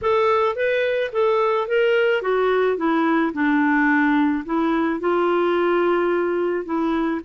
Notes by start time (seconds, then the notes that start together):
0.01 A4
0.55 B4
1.12 A4
1.67 A#4
2.21 F#4
2.77 E4
3.33 D4
4.45 E4
5.00 F4
6.65 E4